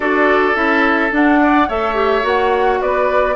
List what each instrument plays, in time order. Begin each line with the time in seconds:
0.00 bassoon D4, clarinet F#4, oboe A4, flute D5
0.54 bassoon C#4, clarinet E4, flute E5
1.11 clarinet D4, bassoon D4, flute F#5
1.40 oboe D5
1.68 bassoon A3, clarinet A4, oboe C#5, flute E5
1.94 clarinet G4
2.21 bassoon A#3, clarinet F#4, flute F#5
2.81 bassoon B3, oboe B4, flute D5